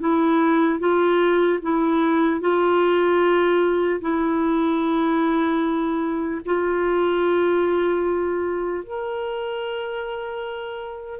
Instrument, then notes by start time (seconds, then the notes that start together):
clarinet
0.00 E4
0.79 F4
1.63 E4
2.41 F4
4.01 E4
6.45 F4
8.84 A#4